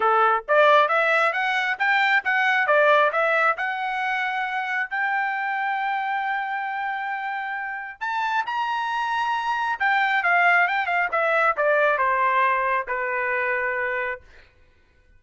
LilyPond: \new Staff \with { instrumentName = "trumpet" } { \time 4/4 \tempo 4 = 135 a'4 d''4 e''4 fis''4 | g''4 fis''4 d''4 e''4 | fis''2. g''4~ | g''1~ |
g''2 a''4 ais''4~ | ais''2 g''4 f''4 | g''8 f''8 e''4 d''4 c''4~ | c''4 b'2. | }